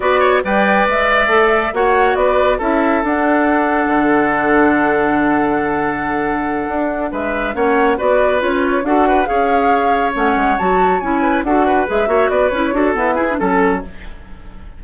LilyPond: <<
  \new Staff \with { instrumentName = "flute" } { \time 4/4 \tempo 4 = 139 d''4 g''4 e''2 | fis''4 d''4 e''4 fis''4~ | fis''1~ | fis''1~ |
fis''8 e''4 fis''4 d''4 cis''8~ | cis''8 fis''4 f''2 fis''8~ | fis''8 a''4 gis''4 fis''4 e''8~ | e''8 d''8 cis''4 b'4 a'4 | }
  \new Staff \with { instrumentName = "oboe" } { \time 4/4 b'8 cis''8 d''2. | cis''4 b'4 a'2~ | a'1~ | a'1~ |
a'8 b'4 cis''4 b'4.~ | b'8 a'8 b'8 cis''2~ cis''8~ | cis''2 b'8 a'8 b'4 | cis''8 b'4 a'4 gis'8 a'4 | }
  \new Staff \with { instrumentName = "clarinet" } { \time 4/4 fis'4 b'2 a'4 | fis'2 e'4 d'4~ | d'1~ | d'1~ |
d'4. cis'4 fis'4 f'8~ | f'8 fis'4 gis'2 cis'8~ | cis'8 fis'4 e'4 fis'4 gis'8 | fis'4 e'8 fis'8 b8 e'16 d'16 cis'4 | }
  \new Staff \with { instrumentName = "bassoon" } { \time 4/4 b4 g4 gis4 a4 | ais4 b4 cis'4 d'4~ | d'4 d2.~ | d2.~ d8 d'8~ |
d'8 gis4 ais4 b4 cis'8~ | cis'8 d'4 cis'2 a8 | gis8 fis4 cis'4 d'4 gis8 | ais8 b8 cis'8 d'8 e'4 fis4 | }
>>